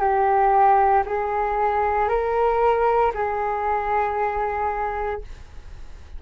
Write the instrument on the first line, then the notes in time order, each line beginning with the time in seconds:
flute
0.00 G4
1.06 G#4
2.09 A#4
3.14 G#4